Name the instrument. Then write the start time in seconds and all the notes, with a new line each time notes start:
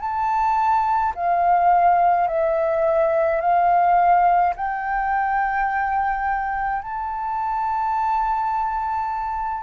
flute
0.00 A5
1.15 F5
2.27 E5
3.41 F5
4.56 G5
6.82 A5